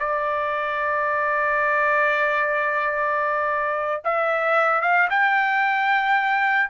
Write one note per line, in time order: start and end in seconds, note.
0.00 4.02 D5
4.05 4.82 E5
4.82 5.09 F5
5.10 6.70 G5